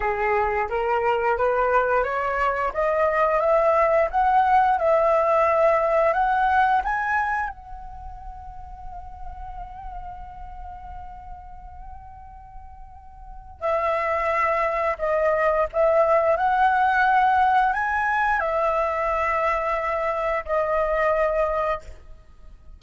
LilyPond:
\new Staff \with { instrumentName = "flute" } { \time 4/4 \tempo 4 = 88 gis'4 ais'4 b'4 cis''4 | dis''4 e''4 fis''4 e''4~ | e''4 fis''4 gis''4 fis''4~ | fis''1~ |
fis''1 | e''2 dis''4 e''4 | fis''2 gis''4 e''4~ | e''2 dis''2 | }